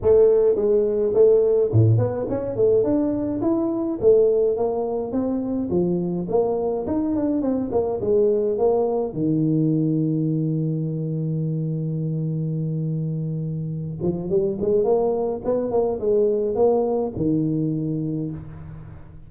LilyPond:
\new Staff \with { instrumentName = "tuba" } { \time 4/4 \tempo 4 = 105 a4 gis4 a4 a,8 b8 | cis'8 a8 d'4 e'4 a4 | ais4 c'4 f4 ais4 | dis'8 d'8 c'8 ais8 gis4 ais4 |
dis1~ | dis1~ | dis8 f8 g8 gis8 ais4 b8 ais8 | gis4 ais4 dis2 | }